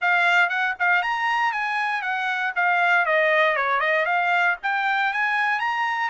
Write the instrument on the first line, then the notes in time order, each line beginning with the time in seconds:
trumpet
0.01 F5
0.49 F#5
0.79 F5
1.02 A#5
1.52 G#5
2.02 F#5
2.55 F5
3.05 D#5
3.56 C#5
3.80 D#5
4.05 F5
4.62 G5
5.13 G#5
5.59 A#5